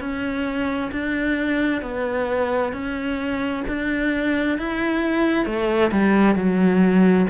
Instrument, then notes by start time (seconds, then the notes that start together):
cello
0.00 C#4
0.91 D4
1.81 B3
2.72 C#4
3.67 D4
4.58 E4
5.45 A3
5.91 G3
6.35 F#3